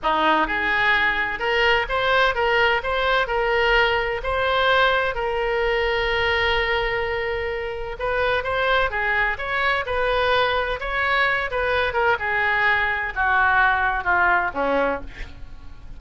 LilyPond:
\new Staff \with { instrumentName = "oboe" } { \time 4/4 \tempo 4 = 128 dis'4 gis'2 ais'4 | c''4 ais'4 c''4 ais'4~ | ais'4 c''2 ais'4~ | ais'1~ |
ais'4 b'4 c''4 gis'4 | cis''4 b'2 cis''4~ | cis''8 b'4 ais'8 gis'2 | fis'2 f'4 cis'4 | }